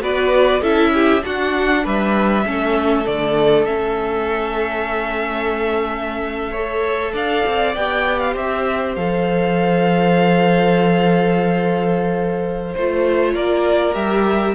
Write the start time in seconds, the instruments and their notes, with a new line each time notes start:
0.00 cello B3, viola F#4, violin B4 D5
0.60 cello C#4, viola E4, violin A4 E5
0.94 violin G4
1.21 viola D4, cello D4, violin F#4 F#5
1.84 cello G3, violin B4 E5
2.45 cello A3, viola C#4, violin A4
3.05 cello D3, viola A3, violin D5
3.66 cello A3, viola C#4, violin E5
6.51 viola A4, violin C#5
7.13 cello D4, violin D5 F5
7.46 cello C4
7.76 cello B3, viola G4, violin G5
8.19 violin F5
8.33 cello C4, violin C5 E5
8.95 cello F3, viola A4, violin F5
12.74 cello A3, viola F4, violin C5
13.34 cello A#3, violin A#4 D5
13.93 cello G3, viola G4, violin E5